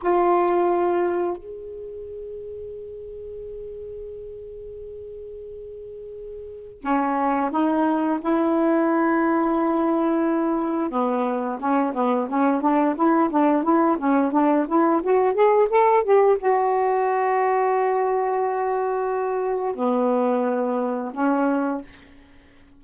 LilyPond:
\new Staff \with { instrumentName = "saxophone" } { \time 4/4 \tempo 4 = 88 f'2 gis'2~ | gis'1~ | gis'2 cis'4 dis'4 | e'1 |
b4 cis'8 b8 cis'8 d'8 e'8 d'8 | e'8 cis'8 d'8 e'8 fis'8 gis'8 a'8 g'8 | fis'1~ | fis'4 b2 cis'4 | }